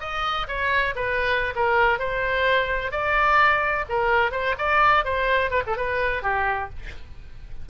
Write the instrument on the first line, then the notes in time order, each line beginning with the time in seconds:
oboe
0.00 D#5
0.47 C#5
0.95 B4
1.55 A#4
1.99 C5
2.91 D5
3.89 A#4
4.31 C5
4.58 D5
5.04 C5
5.50 B4
5.66 A4
5.76 B4
6.22 G4